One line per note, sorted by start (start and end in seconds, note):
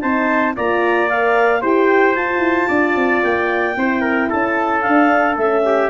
0.00 0.56 C4
0.00 0.55 D#4
0.00 0.55 C5
0.00 0.54 A5
0.56 1.62 A#3
0.56 1.09 F4
0.56 1.61 D5
0.56 1.09 A#5
1.09 1.62 A#4
1.09 1.62 F5
1.61 2.16 E4
1.61 2.15 G4
1.61 2.68 C5
1.61 2.15 G5
2.15 3.76 F4
2.15 2.38 F4
2.15 3.22 A5
2.38 2.65 E4
2.68 2.95 D4
2.68 3.75 D5
2.95 3.22 C4
3.23 3.76 A#3
3.23 4.30 G5
3.76 4.30 C4
3.76 4.82 E4
3.76 4.01 C5
4.01 4.28 A#4
4.29 4.86 C#4
4.29 5.63 A4
4.29 4.81 A5
4.81 5.35 D4
4.81 5.36 D4
4.81 5.35 F5
5.36 5.89 A3
5.36 5.90 C#4
5.36 5.90 E5
5.65 5.90 G4